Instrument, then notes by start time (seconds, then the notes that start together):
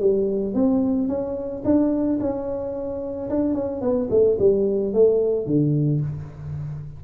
tuba
0.00 G3
0.55 C4
1.09 C#4
1.65 D4
2.21 C#4
3.30 D4
3.55 C#4
3.82 B3
4.11 A3
4.39 G3
4.94 A3
5.47 D3